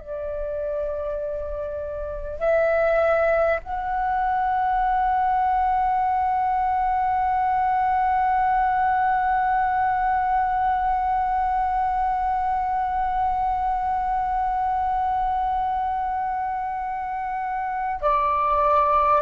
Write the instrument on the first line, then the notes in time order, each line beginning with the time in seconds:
flute
0.00 D5
2.40 E5
3.63 F#5
18.01 D5